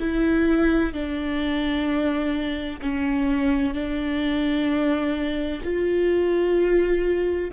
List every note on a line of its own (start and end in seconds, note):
0.00 0.93 E4
0.93 2.81 D4
2.81 3.75 C#4
3.75 5.62 D4
5.64 7.52 F4